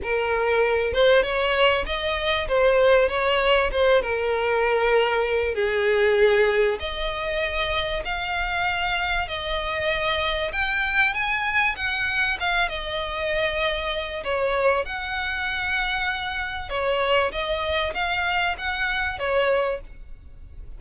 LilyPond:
\new Staff \with { instrumentName = "violin" } { \time 4/4 \tempo 4 = 97 ais'4. c''8 cis''4 dis''4 | c''4 cis''4 c''8 ais'4.~ | ais'4 gis'2 dis''4~ | dis''4 f''2 dis''4~ |
dis''4 g''4 gis''4 fis''4 | f''8 dis''2~ dis''8 cis''4 | fis''2. cis''4 | dis''4 f''4 fis''4 cis''4 | }